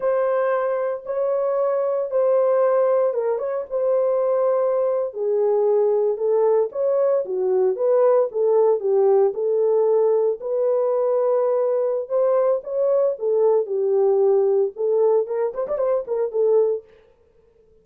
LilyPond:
\new Staff \with { instrumentName = "horn" } { \time 4/4 \tempo 4 = 114 c''2 cis''2 | c''2 ais'8 cis''8 c''4~ | c''4.~ c''16 gis'2 a'16~ | a'8. cis''4 fis'4 b'4 a'16~ |
a'8. g'4 a'2 b'16~ | b'2. c''4 | cis''4 a'4 g'2 | a'4 ais'8 c''16 d''16 c''8 ais'8 a'4 | }